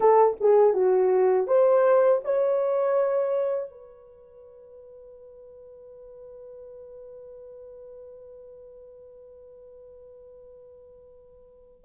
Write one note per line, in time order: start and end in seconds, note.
0.00 0.37 A4
0.40 0.73 G#4
0.73 1.46 F#4
1.46 2.21 C5
2.24 3.70 C#5
3.70 11.84 B4